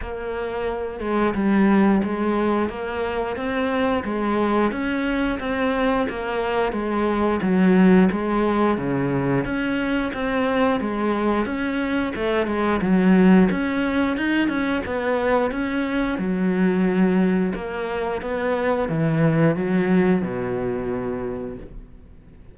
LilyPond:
\new Staff \with { instrumentName = "cello" } { \time 4/4 \tempo 4 = 89 ais4. gis8 g4 gis4 | ais4 c'4 gis4 cis'4 | c'4 ais4 gis4 fis4 | gis4 cis4 cis'4 c'4 |
gis4 cis'4 a8 gis8 fis4 | cis'4 dis'8 cis'8 b4 cis'4 | fis2 ais4 b4 | e4 fis4 b,2 | }